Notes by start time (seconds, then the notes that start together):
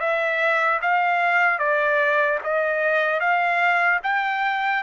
0.00 E5
0.81 F5
1.59 D5
2.43 D#5
3.20 F5
4.03 G5